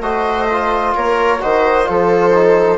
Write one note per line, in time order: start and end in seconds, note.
0.00 0.92 A3
0.00 0.48 F#4
0.00 0.94 C5
0.00 0.94 D#5
0.49 1.39 F4
0.95 1.42 A#3
0.95 1.41 A#4
0.95 1.41 C#5
1.39 1.89 D#3
1.39 1.84 F#4
1.39 1.87 C5
1.39 1.86 D#5
1.84 2.77 F3
1.84 2.30 F4
1.84 2.77 A4
1.84 2.77 C5
2.34 2.77 D#4